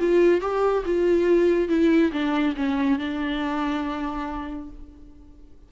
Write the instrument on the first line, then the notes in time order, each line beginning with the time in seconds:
viola
0.00 F4
0.41 G4
0.86 F4
1.69 E4
2.13 D4
2.57 C#4
2.99 D4